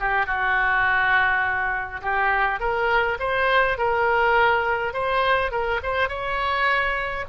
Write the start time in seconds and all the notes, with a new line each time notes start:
0.00 G4
0.27 F#4
2.02 G4
2.60 A#4
3.20 C5
3.78 A#4
4.94 C5
5.52 A#4
5.83 C5
6.09 C#5